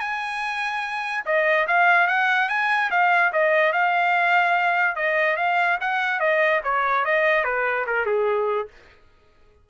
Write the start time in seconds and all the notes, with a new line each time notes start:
0.00 G#5
1.26 D#5
1.67 F5
2.07 F#5
2.49 G#5
2.91 F5
3.33 D#5
3.73 F5
4.96 D#5
5.37 F5
5.80 F#5
6.20 D#5
6.64 C#5
7.05 D#5
7.44 B4
7.87 A#4
8.06 G#4